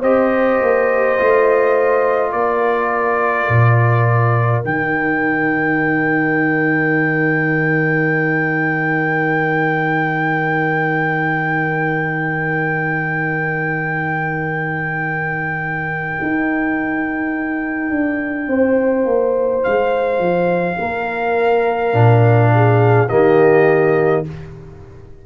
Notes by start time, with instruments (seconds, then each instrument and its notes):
0.00 tuba C4, trombone G4, horn C5, trumpet D#5
0.61 tuba A#3
1.19 tuba A3, trombone F4
2.32 tuba A#3, horn A#4, trumpet D5
3.49 tuba A#2
4.64 tuba D#3, trombone D#4, trumpet G5
16.22 tuba D#4
17.90 tuba D4
18.48 tuba C4, horn C5
19.05 tuba A#3
19.63 tuba G#3, trumpet F5
20.19 tuba F3
20.79 tuba A#3, horn A#4
21.93 tuba A#2, trombone D4
22.55 horn G#4
23.09 tuba D#3, trombone A#3, horn G4, trumpet D#5